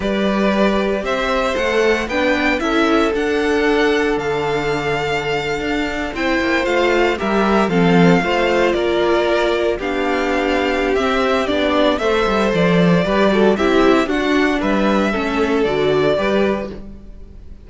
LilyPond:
<<
  \new Staff \with { instrumentName = "violin" } { \time 4/4 \tempo 4 = 115 d''2 e''4 fis''4 | g''4 e''4 fis''2 | f''2.~ f''8. g''16~ | g''8. f''4 e''4 f''4~ f''16~ |
f''8. d''2 f''4~ f''16~ | f''4 e''4 d''4 e''4 | d''2 e''4 fis''4 | e''2 d''2 | }
  \new Staff \with { instrumentName = "violin" } { \time 4/4 b'2 c''2 | b'4 a'2.~ | a'2.~ a'8. c''16~ | c''4.~ c''16 ais'4 a'4 c''16~ |
c''8. ais'2 g'4~ g'16~ | g'2. c''4~ | c''4 b'8 a'8 g'4 fis'4 | b'4 a'2 b'4 | }
  \new Staff \with { instrumentName = "viola" } { \time 4/4 g'2. a'4 | d'4 e'4 d'2~ | d'2.~ d'8. e'16~ | e'8. f'4 g'4 c'4 f'16~ |
f'2~ f'8. d'4~ d'16~ | d'4 c'4 d'4 a'4~ | a'4 g'8 fis'8 e'4 d'4~ | d'4 cis'4 fis'4 g'4 | }
  \new Staff \with { instrumentName = "cello" } { \time 4/4 g2 c'4 a4 | b4 cis'4 d'2 | d2~ d8. d'4 c'16~ | c'16 ais8 a4 g4 f4 a16~ |
a8. ais2 b4~ b16~ | b4 c'4 b4 a8 g8 | f4 g4 c'4 d'4 | g4 a4 d4 g4 | }
>>